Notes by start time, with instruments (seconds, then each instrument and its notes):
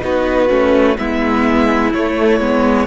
0.00 cello B3, viola D#4, violin F#4 B4
0.48 cello A3, viola C#4
0.97 cello G#3, viola B3, violin E4 E5
1.93 cello A3, viola A3, violin C#5
2.40 cello G#3, viola B3